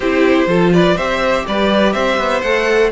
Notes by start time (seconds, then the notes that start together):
0.00 C4 E4 G4 C5
0.47 F3 F4 A4
0.73 B4 D5
0.95 C4 G4 C5 E5
1.47 G3 B4 D5
1.92 C4 C5 E5
2.17 B3
2.41 A3 A4 F#5